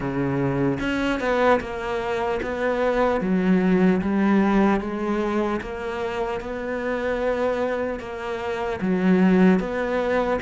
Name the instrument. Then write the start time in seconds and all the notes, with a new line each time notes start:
cello
0.00 C#3
0.80 C#4
1.20 B3
1.60 A#3
2.42 B3
3.20 F#3
4.01 G3
4.80 G#3
5.61 A#3
6.40 B3
7.99 A#3
8.81 F#3
9.59 B3